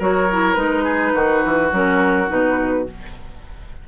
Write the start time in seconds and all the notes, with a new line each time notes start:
0.00 F#3 F#4 A#4 C#5
0.32 E4
0.54 G#3 D#4 B4
0.84 G#4
1.15 D#3 F#4
1.45 E3
1.72 F#3 C#4 A#4
2.28 B2 D#4 B4